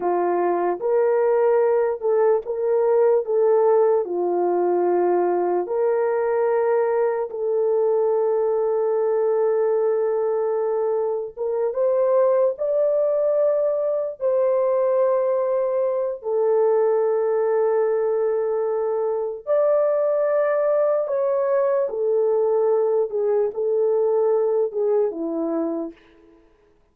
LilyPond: \new Staff \with { instrumentName = "horn" } { \time 4/4 \tempo 4 = 74 f'4 ais'4. a'8 ais'4 | a'4 f'2 ais'4~ | ais'4 a'2.~ | a'2 ais'8 c''4 d''8~ |
d''4. c''2~ c''8 | a'1 | d''2 cis''4 a'4~ | a'8 gis'8 a'4. gis'8 e'4 | }